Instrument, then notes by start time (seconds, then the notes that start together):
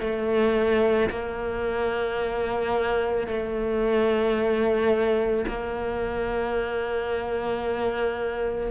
cello
0.00 A3
1.10 A#3
3.27 A3
5.48 A#3